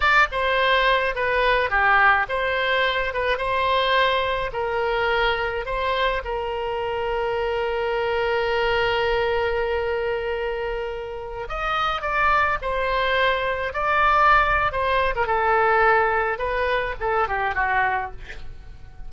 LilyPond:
\new Staff \with { instrumentName = "oboe" } { \time 4/4 \tempo 4 = 106 d''8 c''4. b'4 g'4 | c''4. b'8 c''2 | ais'2 c''4 ais'4~ | ais'1~ |
ais'1~ | ais'16 dis''4 d''4 c''4.~ c''16~ | c''16 d''4.~ d''16 c''8. ais'16 a'4~ | a'4 b'4 a'8 g'8 fis'4 | }